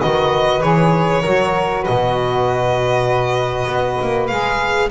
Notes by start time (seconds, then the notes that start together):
0.00 D#3 F#4 B4 D#5
0.61 E3 G#4 C#5
1.22 F#3 F#4 A#4
1.83 B4 D#5
1.89 B2
3.67 B3
4.02 A#3
4.28 G#3 G#4 F5